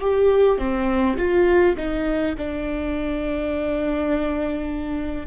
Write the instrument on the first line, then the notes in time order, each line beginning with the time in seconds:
viola
0.00 G4
0.58 C4
1.17 F4
1.76 D#4
2.37 D4